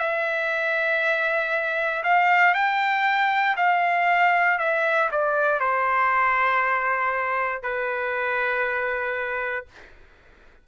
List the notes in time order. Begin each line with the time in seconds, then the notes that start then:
0.00 E5
2.04 F5
2.55 G5
3.57 F5
4.59 E5
5.12 D5
5.60 C5
7.63 B4